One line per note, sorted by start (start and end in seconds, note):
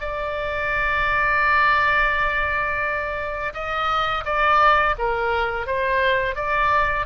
0.00 3.53 D5
3.53 4.24 D#5
4.24 4.95 D5
4.98 5.67 A#4
5.67 6.35 C5
6.35 7.06 D5